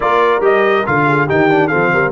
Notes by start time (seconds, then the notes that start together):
0.00 A#3 F4 A#4 D5
0.40 G3 G4 D#5
0.86 D3 F4 F5
1.06 G#4
1.26 D#3 D#4 G4 G5
1.50 D4
1.67 C4 A4 F5
1.74 F3
1.93 G3 A#4